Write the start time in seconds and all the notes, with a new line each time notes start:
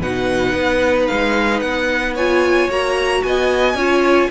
0.00 B2 D#4 B4 F#5
0.53 B3
1.07 G#3 F5
1.60 B3 F#5
2.14 F4 C#5 G#5
2.68 A#3 F#4 A#5
3.23 B3 D#5 G#5
3.74 C#4 F4 C#5